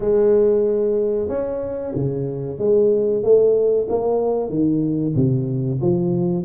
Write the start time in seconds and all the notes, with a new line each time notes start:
0.00 G#3
1.28 C#4
1.95 C#3
2.58 G#3
3.23 A3
3.89 A#3
4.49 D#3
5.15 C3
5.81 F3